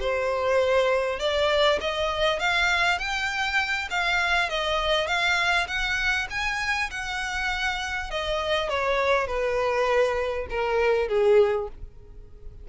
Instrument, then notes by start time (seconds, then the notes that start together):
violin
0.00 C5
1.19 D5
1.80 D#5
2.39 F5
2.98 G5
3.90 F5
4.49 D#5
5.07 F5
5.67 F#5
6.30 G#5
6.90 F#5
8.11 D#5
8.69 C#5
9.27 B4
10.49 A#4
11.08 G#4